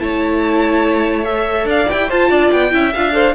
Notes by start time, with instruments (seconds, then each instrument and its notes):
0.00 cello A3, viola E4, violin C#5 A5
1.25 viola A4, violin E5
1.65 cello D4, violin D5 F5
1.89 cello E4, viola G4, violin G5
2.09 cello F4, viola F4, violin C5 A5
2.30 cello D4, violin D5
2.52 cello B3, violin G5
2.71 cello C#4, viola E4, violin E5
2.94 cello D4, viola F4, violin F5
3.12 viola A4, violin C5